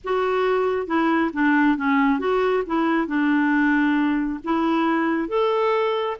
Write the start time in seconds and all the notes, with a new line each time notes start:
0.03 F#4
0.86 E4
1.33 D4
1.77 C#4
2.19 F#4
2.66 E4
3.07 D4
4.44 E4
5.28 A4